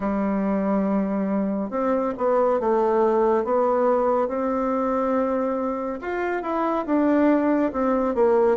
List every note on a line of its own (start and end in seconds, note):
0.00 1.70 G3
1.70 2.13 C4
2.17 2.59 B3
2.59 3.44 A3
3.44 4.27 B3
4.27 5.99 C4
6.01 6.42 F4
6.42 6.85 E4
6.86 7.71 D4
7.72 8.14 C4
8.14 8.57 A#3